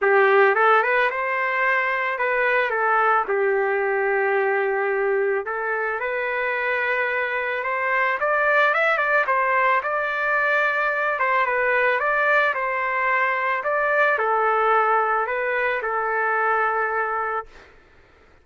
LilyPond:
\new Staff \with { instrumentName = "trumpet" } { \time 4/4 \tempo 4 = 110 g'4 a'8 b'8 c''2 | b'4 a'4 g'2~ | g'2 a'4 b'4~ | b'2 c''4 d''4 |
e''8 d''8 c''4 d''2~ | d''8 c''8 b'4 d''4 c''4~ | c''4 d''4 a'2 | b'4 a'2. | }